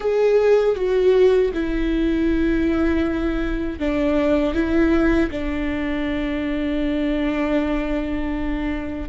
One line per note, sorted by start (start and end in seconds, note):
0.00 0.75 G#4
0.75 1.51 F#4
1.53 3.79 E4
3.79 4.54 D4
4.54 5.30 E4
5.30 9.09 D4